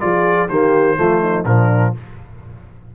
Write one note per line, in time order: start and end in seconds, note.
0.00 0.49 F3
0.00 0.48 F4
0.00 0.48 G#4
0.00 0.48 D5
0.48 0.97 D#3
0.48 0.96 A#3
0.48 0.97 G4
0.48 1.45 C5
0.96 1.45 F3
0.96 1.45 A3
0.96 1.21 F4
1.21 1.45 D#4
1.45 1.93 A#2
1.45 1.95 F3
1.45 1.95 D4
1.45 1.94 A#4